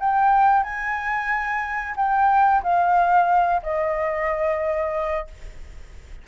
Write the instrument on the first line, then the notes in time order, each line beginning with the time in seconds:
flute
0.00 G5
0.64 G#5
1.97 G5
2.63 F5
3.63 D#5